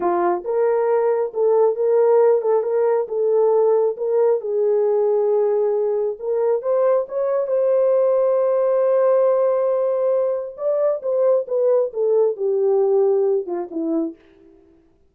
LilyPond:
\new Staff \with { instrumentName = "horn" } { \time 4/4 \tempo 4 = 136 f'4 ais'2 a'4 | ais'4. a'8 ais'4 a'4~ | a'4 ais'4 gis'2~ | gis'2 ais'4 c''4 |
cis''4 c''2.~ | c''1 | d''4 c''4 b'4 a'4 | g'2~ g'8 f'8 e'4 | }